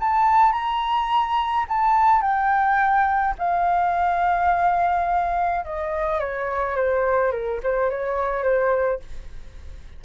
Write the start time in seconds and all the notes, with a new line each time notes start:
0.00 A5
0.52 A#5
1.69 A5
2.22 G5
3.39 F5
5.65 D#5
6.20 C#5
6.76 C5
7.32 A#4
7.63 C5
7.90 C#5
8.43 C5